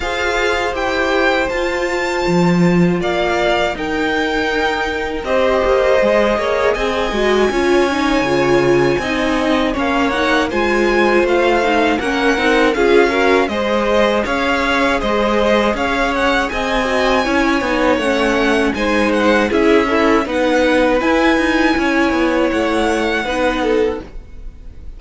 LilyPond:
<<
  \new Staff \with { instrumentName = "violin" } { \time 4/4 \tempo 4 = 80 f''4 g''4 a''2 | f''4 g''2 dis''4~ | dis''4 gis''2.~ | gis''4 f''8 fis''8 gis''4 f''4 |
fis''4 f''4 dis''4 f''4 | dis''4 f''8 fis''8 gis''2 | fis''4 gis''8 fis''8 e''4 fis''4 | gis''2 fis''2 | }
  \new Staff \with { instrumentName = "violin" } { \time 4/4 c''1 | d''4 ais'2 c''4~ | c''8 cis''8 dis''4 cis''2 | dis''4 cis''4 c''2 |
ais'4 gis'8 ais'8 c''4 cis''4 | c''4 cis''4 dis''4 cis''4~ | cis''4 c''4 gis'8 e'8 b'4~ | b'4 cis''2 b'8 a'8 | }
  \new Staff \with { instrumentName = "viola" } { \time 4/4 gis'4 g'4 f'2~ | f'4 dis'2 g'4 | gis'4. fis'8 f'8 dis'8 f'4 | dis'4 cis'8 dis'8 f'4. dis'8 |
cis'8 dis'8 f'8 fis'8 gis'2~ | gis'2~ gis'8 fis'8 e'8 dis'8 | cis'4 dis'4 e'8 a'8 dis'4 | e'2. dis'4 | }
  \new Staff \with { instrumentName = "cello" } { \time 4/4 f'4 e'4 f'4 f4 | ais4 dis'2 c'8 ais8 | gis8 ais8 c'8 gis8 cis'4 cis4 | c'4 ais4 gis4 a4 |
ais8 c'8 cis'4 gis4 cis'4 | gis4 cis'4 c'4 cis'8 b8 | a4 gis4 cis'4 b4 | e'8 dis'8 cis'8 b8 a4 b4 | }
>>